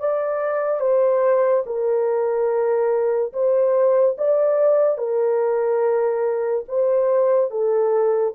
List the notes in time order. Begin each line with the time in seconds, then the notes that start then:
0.00 D5
0.81 C5
1.66 A#4
3.33 C5
4.18 D5
4.98 A#4
6.69 C5
7.51 A4